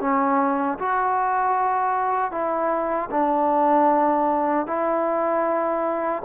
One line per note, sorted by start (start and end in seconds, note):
0.00 0.78 C#4
0.78 2.31 F#4
2.31 3.09 E4
3.10 4.66 D4
4.66 6.22 E4